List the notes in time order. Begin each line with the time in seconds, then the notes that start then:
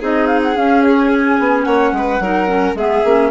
0.00 C4 D#4 G#4 D#5
0.27 F5
0.43 F#5
0.56 C#4 F5
0.83 C#5
1.13 G#5
1.39 B3
1.64 A#3 C#5 F#5
1.92 G#3 B4
2.19 F#3 D#4 A#4
2.47 C#4
2.75 G#3 B3 G#4 E5
3.04 A#3 C#4